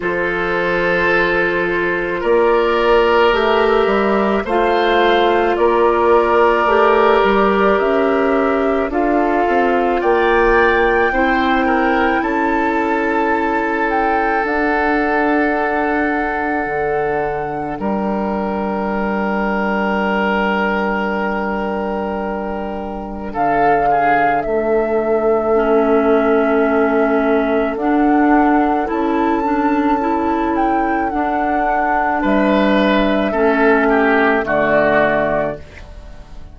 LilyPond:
<<
  \new Staff \with { instrumentName = "flute" } { \time 4/4 \tempo 4 = 54 c''2 d''4 e''4 | f''4 d''2 e''4 | f''4 g''2 a''4~ | a''8 g''8 fis''2. |
g''1~ | g''4 f''4 e''2~ | e''4 fis''4 a''4. g''8 | fis''4 e''2 d''4 | }
  \new Staff \with { instrumentName = "oboe" } { \time 4/4 a'2 ais'2 | c''4 ais'2. | a'4 d''4 c''8 ais'8 a'4~ | a'1 |
ais'1~ | ais'4 a'8 gis'8 a'2~ | a'1~ | a'4 b'4 a'8 g'8 fis'4 | }
  \new Staff \with { instrumentName = "clarinet" } { \time 4/4 f'2. g'4 | f'2 g'2 | f'2 e'2~ | e'4 d'2.~ |
d'1~ | d'2. cis'4~ | cis'4 d'4 e'8 d'8 e'4 | d'2 cis'4 a4 | }
  \new Staff \with { instrumentName = "bassoon" } { \time 4/4 f2 ais4 a8 g8 | a4 ais4 a8 g8 cis'4 | d'8 c'8 ais4 c'4 cis'4~ | cis'4 d'2 d4 |
g1~ | g4 d4 a2~ | a4 d'4 cis'2 | d'4 g4 a4 d4 | }
>>